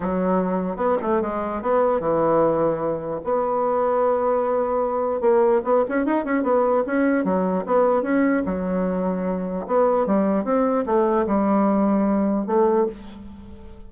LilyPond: \new Staff \with { instrumentName = "bassoon" } { \time 4/4 \tempo 4 = 149 fis2 b8 a8 gis4 | b4 e2. | b1~ | b4 ais4 b8 cis'8 dis'8 cis'8 |
b4 cis'4 fis4 b4 | cis'4 fis2. | b4 g4 c'4 a4 | g2. a4 | }